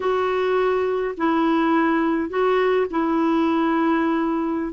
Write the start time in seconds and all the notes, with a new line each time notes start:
0.00 F#4
1.17 E4
2.29 F#4
2.90 E4